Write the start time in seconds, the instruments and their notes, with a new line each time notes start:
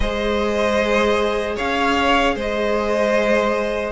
0.00 cello G#3, viola G#4, violin C5 D#5
1.56 cello C#4, violin C#5 F5
2.35 cello G#3, violin C5 D#5